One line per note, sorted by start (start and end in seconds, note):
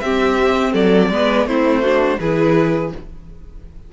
0.00 0.73 C4
0.00 1.12 C4
0.00 0.73 G4
0.00 0.72 E5
0.73 1.10 F#3
0.73 1.09 A4
0.73 1.47 D5
1.10 1.46 G#3
1.10 1.47 B3
1.10 1.48 B4
1.46 2.18 A3
1.46 1.83 C4
1.46 1.82 E4
1.46 2.19 C5
1.82 2.20 D4
1.82 2.18 F#4
2.19 2.92 E3
2.19 2.93 E4
2.19 2.93 G#4
2.19 2.92 B4